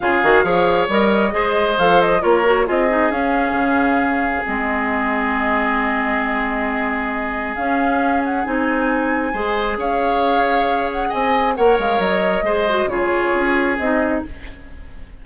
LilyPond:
<<
  \new Staff \with { instrumentName = "flute" } { \time 4/4 \tempo 4 = 135 f''2 dis''2 | f''8 dis''8 cis''4 dis''4 f''4~ | f''2 dis''2~ | dis''1~ |
dis''4 f''4. fis''8 gis''4~ | gis''2 f''2~ | f''8 fis''8 gis''4 fis''8 f''8 dis''4~ | dis''4 cis''2 dis''4 | }
  \new Staff \with { instrumentName = "oboe" } { \time 4/4 gis'4 cis''2 c''4~ | c''4 ais'4 gis'2~ | gis'1~ | gis'1~ |
gis'1~ | gis'4 c''4 cis''2~ | cis''4 dis''4 cis''2 | c''4 gis'2. | }
  \new Staff \with { instrumentName = "clarinet" } { \time 4/4 f'8 fis'8 gis'4 ais'4 gis'4 | a'4 f'8 fis'8 f'8 dis'8 cis'4~ | cis'2 c'2~ | c'1~ |
c'4 cis'2 dis'4~ | dis'4 gis'2.~ | gis'2 ais'2 | gis'8 fis'8 f'2 dis'4 | }
  \new Staff \with { instrumentName = "bassoon" } { \time 4/4 cis8 dis8 f4 g4 gis4 | f4 ais4 c'4 cis'4 | cis2 gis2~ | gis1~ |
gis4 cis'2 c'4~ | c'4 gis4 cis'2~ | cis'4 c'4 ais8 gis8 fis4 | gis4 cis4 cis'4 c'4 | }
>>